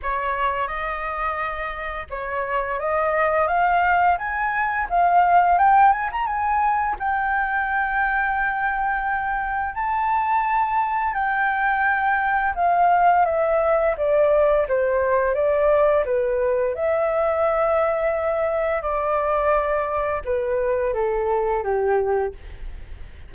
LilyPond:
\new Staff \with { instrumentName = "flute" } { \time 4/4 \tempo 4 = 86 cis''4 dis''2 cis''4 | dis''4 f''4 gis''4 f''4 | g''8 gis''16 ais''16 gis''4 g''2~ | g''2 a''2 |
g''2 f''4 e''4 | d''4 c''4 d''4 b'4 | e''2. d''4~ | d''4 b'4 a'4 g'4 | }